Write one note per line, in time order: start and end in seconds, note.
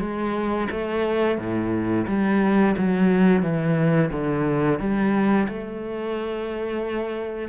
0.00 0.68 G#3
0.71 1.38 A3
1.38 2.06 A2
2.08 2.76 G3
2.78 3.43 F#3
3.43 4.11 E3
4.12 4.79 D3
4.79 5.48 G3
5.49 7.49 A3